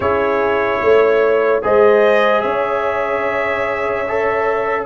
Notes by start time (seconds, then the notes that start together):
0.00 C#4 E4 G#4 C#5
0.80 A3 C#5
1.62 G#3 G#4 C5 D#5
2.41 C#4 C#5 E5
4.08 A4